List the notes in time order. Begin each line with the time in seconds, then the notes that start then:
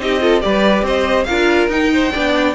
0.00 C4 D#4 G4 D#5
0.20 F4 A4
0.41 G3 G4 B4 D5
0.82 C4 C5 D#5
1.24 D4 F4 A#4 F5
1.68 D#4 G5
1.93 C5
2.12 B3 D4 D5